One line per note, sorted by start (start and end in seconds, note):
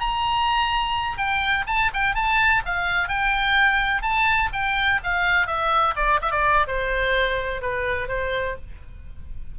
0.00 1.18 A#5
1.18 1.65 G5
1.67 1.90 A5
1.93 2.15 G5
2.15 2.62 A5
2.65 3.08 F5
3.08 4.02 G5
4.02 4.50 A5
4.53 5.00 G5
5.03 5.47 F5
5.47 5.94 E5
5.96 6.20 D5
6.21 6.31 E5
6.31 6.67 D5
6.67 7.61 C5
7.61 8.08 B4
8.08 8.56 C5